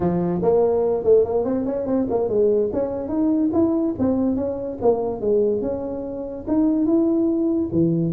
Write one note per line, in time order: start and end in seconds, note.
0.00 0.41 F3
0.42 1.03 A#3
1.03 1.24 A3
1.24 1.44 A#3
1.44 1.65 C4
1.65 1.86 C#4
1.86 2.07 C4
2.10 2.28 A#3
2.28 2.70 G#3
2.72 3.08 C#4
3.08 3.50 D#4
3.53 3.95 E4
3.98 4.36 C4
4.36 4.77 C#4
4.81 5.20 A#3
5.20 5.61 G#3
5.61 6.45 C#4
6.47 6.85 D#4
6.85 7.69 E4
7.71 8.13 E3